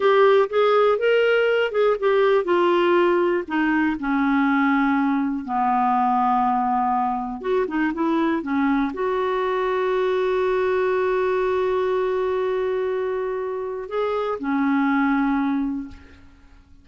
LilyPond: \new Staff \with { instrumentName = "clarinet" } { \time 4/4 \tempo 4 = 121 g'4 gis'4 ais'4. gis'8 | g'4 f'2 dis'4 | cis'2. b4~ | b2. fis'8 dis'8 |
e'4 cis'4 fis'2~ | fis'1~ | fis'1 | gis'4 cis'2. | }